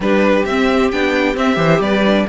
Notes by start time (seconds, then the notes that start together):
0.00 G3 D4 G4 B4
0.45 C4 E5
0.91 B3 D4 G5
1.34 C4 E5
1.54 E3 G4 C5
1.79 G3 B4 D5
2.05 D4